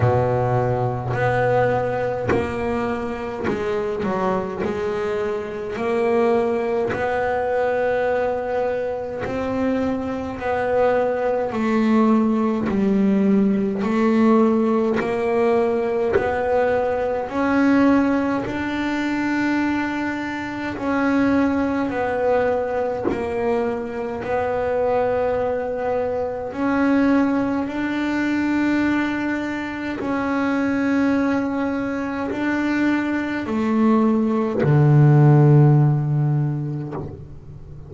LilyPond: \new Staff \with { instrumentName = "double bass" } { \time 4/4 \tempo 4 = 52 b,4 b4 ais4 gis8 fis8 | gis4 ais4 b2 | c'4 b4 a4 g4 | a4 ais4 b4 cis'4 |
d'2 cis'4 b4 | ais4 b2 cis'4 | d'2 cis'2 | d'4 a4 d2 | }